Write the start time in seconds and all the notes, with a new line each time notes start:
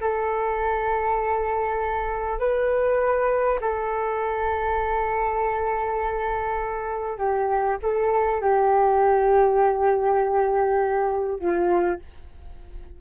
0.00 A4
2.39 B4
3.61 A4
7.17 G4
7.82 A4
8.40 G4
11.39 F4